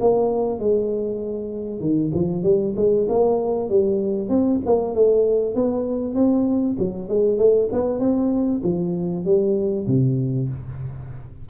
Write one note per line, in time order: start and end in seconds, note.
0.00 0.59 A#3
0.59 1.80 G#3
1.80 2.11 D#3
2.14 2.43 F3
2.43 2.74 G3
2.76 3.07 G#3
3.08 3.69 A#3
3.69 4.29 G3
4.29 4.60 C4
4.66 4.95 A#3
4.95 5.55 A3
5.55 6.15 B3
6.15 6.76 C4
6.79 7.09 F#3
7.09 7.38 G#3
7.38 7.69 A3
7.72 7.99 B3
7.99 8.61 C4
8.63 9.25 F3
9.25 9.87 G3
9.87 10.49 C3